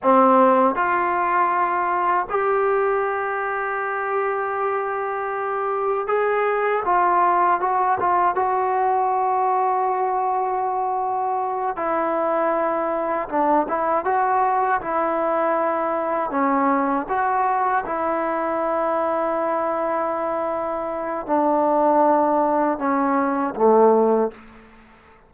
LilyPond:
\new Staff \with { instrumentName = "trombone" } { \time 4/4 \tempo 4 = 79 c'4 f'2 g'4~ | g'1 | gis'4 f'4 fis'8 f'8 fis'4~ | fis'2.~ fis'8 e'8~ |
e'4. d'8 e'8 fis'4 e'8~ | e'4. cis'4 fis'4 e'8~ | e'1 | d'2 cis'4 a4 | }